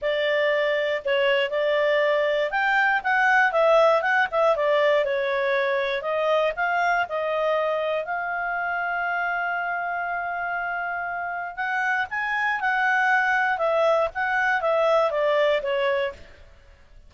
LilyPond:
\new Staff \with { instrumentName = "clarinet" } { \time 4/4 \tempo 4 = 119 d''2 cis''4 d''4~ | d''4 g''4 fis''4 e''4 | fis''8 e''8 d''4 cis''2 | dis''4 f''4 dis''2 |
f''1~ | f''2. fis''4 | gis''4 fis''2 e''4 | fis''4 e''4 d''4 cis''4 | }